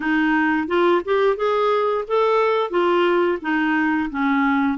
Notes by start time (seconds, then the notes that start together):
0.00 D#4
0.67 F4
1.04 G4
1.36 G#4
2.07 A4
2.70 F4
3.41 D#4
4.10 C#4